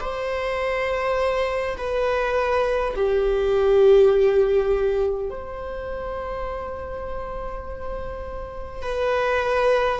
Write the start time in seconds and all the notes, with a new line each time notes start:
0.00 C5
1.77 B4
2.96 G4
5.30 C5
8.82 B4